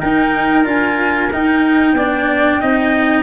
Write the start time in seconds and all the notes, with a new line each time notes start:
0.00 D#4 A#4 G5
0.65 D4 F4 G#5
1.32 D#4 G5
1.93 B3 D4 D5
2.61 C4 D#4 D#5